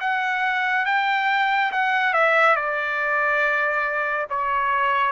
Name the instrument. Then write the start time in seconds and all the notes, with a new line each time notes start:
trumpet
0.00 F#5
0.85 G5
1.71 F#5
2.13 E5
2.56 D5
4.29 C#5